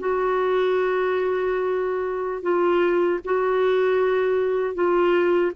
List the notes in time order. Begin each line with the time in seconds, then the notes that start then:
0.00 F#4
2.43 F4
3.25 F#4
4.75 F4